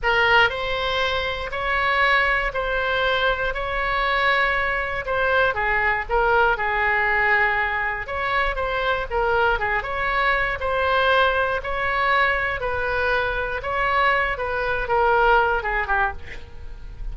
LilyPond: \new Staff \with { instrumentName = "oboe" } { \time 4/4 \tempo 4 = 119 ais'4 c''2 cis''4~ | cis''4 c''2 cis''4~ | cis''2 c''4 gis'4 | ais'4 gis'2. |
cis''4 c''4 ais'4 gis'8 cis''8~ | cis''4 c''2 cis''4~ | cis''4 b'2 cis''4~ | cis''8 b'4 ais'4. gis'8 g'8 | }